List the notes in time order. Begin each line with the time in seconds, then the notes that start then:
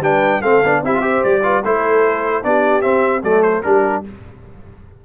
0.00 G3 D4 B4 G5
0.42 A3 C4 A4 F5
0.63 B3 D4
0.82 C4 E4 G4 E5
0.95 F4
1.01 G4 C5
1.23 G3 D5
1.43 F4 B4
1.64 A3 E4 A4 C5
2.43 B3 D4 G4 D5
2.81 C4 E5
3.23 F#3 A3 A4 D5
3.42 C5
3.62 G3 D4 G4 A#4